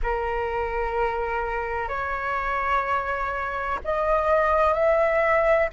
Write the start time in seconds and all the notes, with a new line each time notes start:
0.03 A#4
1.88 C#5
3.84 D#5
4.73 E5